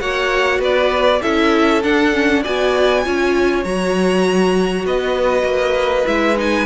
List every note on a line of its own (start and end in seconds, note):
0.00 0.59 A#3
0.00 1.21 F#4
0.00 0.60 C#5
0.00 0.61 F#5
0.59 1.20 B3
0.59 1.20 B4
0.59 1.22 D5
1.22 1.84 C#4
1.22 1.82 E4
1.22 2.43 A4
1.22 1.82 E5
1.83 2.13 D4
1.83 2.45 D4
1.83 2.44 F#5
2.13 2.43 C#4
2.43 3.06 B3
2.43 3.04 F#4
2.43 3.03 D5
2.43 3.64 G#5
3.04 3.65 C#4
3.04 3.64 F4
3.04 4.87 C#5
3.64 4.85 F#3
3.64 6.05 F#4
3.64 4.85 A#5
4.85 5.43 B3
4.85 6.66 B4
4.85 6.07 D#5
5.43 6.04 A#3
6.05 6.66 G#3
6.05 6.36 E4
6.05 6.37 E5
6.36 6.66 D#4
6.36 6.66 G#5